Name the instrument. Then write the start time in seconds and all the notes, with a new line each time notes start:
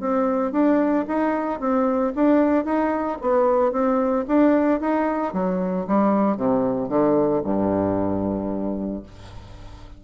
bassoon
0.00 C4
0.52 D4
1.07 D#4
1.60 C4
2.15 D4
2.65 D#4
3.21 B3
3.72 C4
4.27 D4
4.80 D#4
5.33 F#3
5.87 G3
6.37 C3
6.89 D3
7.43 G2